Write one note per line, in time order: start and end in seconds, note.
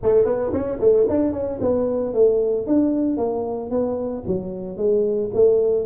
0.02 0.25 A3
0.25 0.51 B3
0.52 0.79 C#4
0.80 1.06 A3
1.08 1.32 D4
1.32 1.59 C#4
1.60 2.13 B3
2.13 2.66 A3
2.66 3.17 D4
3.17 3.70 A#3
3.70 4.23 B3
4.26 4.77 F#3
4.77 5.30 G#3
5.33 5.85 A3